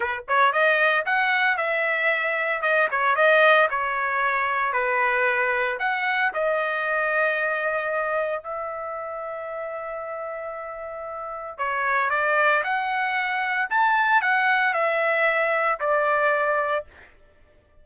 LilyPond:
\new Staff \with { instrumentName = "trumpet" } { \time 4/4 \tempo 4 = 114 b'8 cis''8 dis''4 fis''4 e''4~ | e''4 dis''8 cis''8 dis''4 cis''4~ | cis''4 b'2 fis''4 | dis''1 |
e''1~ | e''2 cis''4 d''4 | fis''2 a''4 fis''4 | e''2 d''2 | }